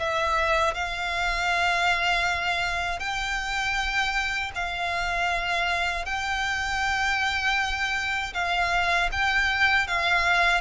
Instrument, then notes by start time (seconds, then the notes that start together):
violin
0.00 E5
0.75 F5
3.00 G5
4.55 F5
6.06 G5
8.34 F5
9.12 G5
9.88 F5